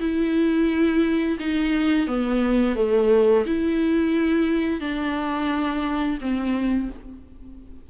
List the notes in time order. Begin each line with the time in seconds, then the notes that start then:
0.00 E4
1.40 D#4
2.07 B3
2.76 A3
3.46 E4
4.81 D4
6.21 C4